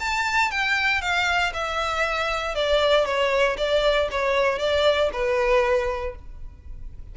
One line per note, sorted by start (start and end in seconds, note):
0.00 0.51 A5
0.51 1.02 G5
1.02 1.53 F5
1.54 2.55 E5
2.55 3.06 D5
3.06 3.57 C#5
3.58 4.09 D5
4.11 4.59 C#5
4.59 5.10 D5
5.13 6.16 B4